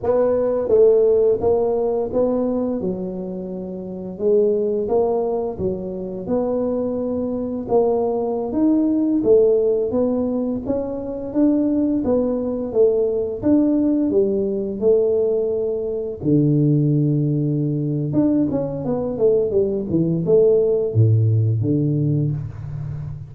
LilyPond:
\new Staff \with { instrumentName = "tuba" } { \time 4/4 \tempo 4 = 86 b4 a4 ais4 b4 | fis2 gis4 ais4 | fis4 b2 ais4~ | ais16 dis'4 a4 b4 cis'8.~ |
cis'16 d'4 b4 a4 d'8.~ | d'16 g4 a2 d8.~ | d2 d'8 cis'8 b8 a8 | g8 e8 a4 a,4 d4 | }